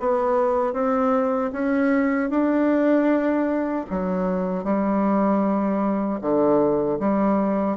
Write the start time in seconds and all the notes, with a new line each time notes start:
0.00 B3
0.73 C4
1.52 C#4
2.30 D4
3.90 F#3
4.64 G3
6.21 D3
7.00 G3